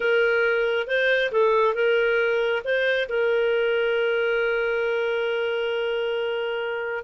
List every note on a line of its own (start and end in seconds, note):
0.00 0.87 A#4
0.87 1.31 C5
1.31 1.74 A4
1.74 2.62 A#4
2.64 3.08 C5
3.08 7.04 A#4